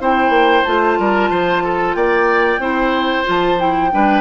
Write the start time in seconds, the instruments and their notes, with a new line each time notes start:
0.00 bassoon C4, clarinet E4, oboe C5, flute G5
0.29 bassoon A#3
0.64 bassoon A3, clarinet F4, flute A5
0.98 bassoon G3, oboe A#4
1.30 bassoon F3, oboe C5
1.64 oboe A4
1.94 bassoon A#3, oboe D5, flute G5
2.59 bassoon C4, clarinet E4, oboe C5
3.24 bassoon F3, clarinet F4, flute A5
3.58 clarinet E4, flute G5
3.91 bassoon G3, clarinet D4, oboe B4